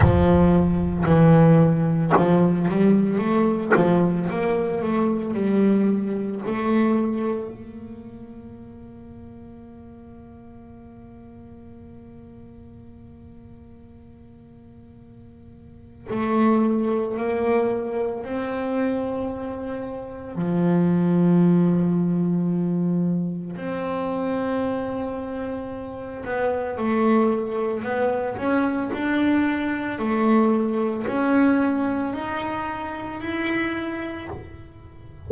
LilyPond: \new Staff \with { instrumentName = "double bass" } { \time 4/4 \tempo 4 = 56 f4 e4 f8 g8 a8 f8 | ais8 a8 g4 a4 ais4~ | ais1~ | ais2. a4 |
ais4 c'2 f4~ | f2 c'2~ | c'8 b8 a4 b8 cis'8 d'4 | a4 cis'4 dis'4 e'4 | }